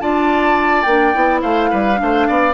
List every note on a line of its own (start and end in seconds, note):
0.00 0.86 D4
0.00 0.85 F4
0.00 1.41 D5
0.00 0.82 A5
0.82 1.14 A#3
0.82 1.13 D4
0.82 1.39 G5
1.13 1.42 B3
1.13 1.95 E4
1.41 1.71 A3
1.41 1.69 C5
1.41 2.54 F5
1.70 2.00 G3
1.70 1.98 B4
1.95 2.52 D4
2.01 2.28 A3
2.01 2.27 C5
2.27 2.54 B3
2.27 2.54 D5